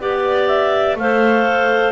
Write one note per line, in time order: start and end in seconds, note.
0.00 0.96 B3
0.00 0.97 G4
0.00 0.98 D5
0.00 0.48 D5
0.48 0.96 E5
0.96 1.93 A3
0.96 1.93 A4
0.96 1.93 C5
0.96 1.93 F5